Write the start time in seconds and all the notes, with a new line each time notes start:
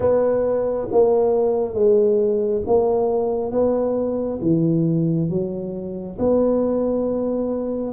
0.00 B3
0.91 A#3
1.74 G#3
2.66 A#3
3.51 B3
4.41 E3
5.29 F#3
6.18 B3